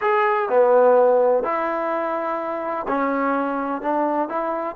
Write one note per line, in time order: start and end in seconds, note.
0.01 0.49 G#4
0.49 1.43 B3
1.43 2.86 E4
2.87 3.81 C#4
3.81 4.28 D4
4.28 4.76 E4